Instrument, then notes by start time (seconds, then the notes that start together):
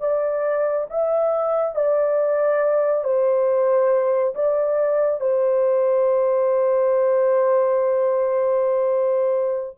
horn
0.00 D5
0.90 E5
1.75 D5
3.04 C5
4.34 D5
5.20 C5